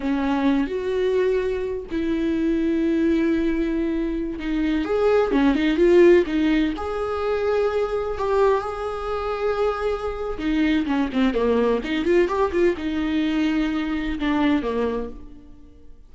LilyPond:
\new Staff \with { instrumentName = "viola" } { \time 4/4 \tempo 4 = 127 cis'4. fis'2~ fis'8 | e'1~ | e'4~ e'16 dis'4 gis'4 cis'8 dis'16~ | dis'16 f'4 dis'4 gis'4.~ gis'16~ |
gis'4~ gis'16 g'4 gis'4.~ gis'16~ | gis'2 dis'4 cis'8 c'8 | ais4 dis'8 f'8 g'8 f'8 dis'4~ | dis'2 d'4 ais4 | }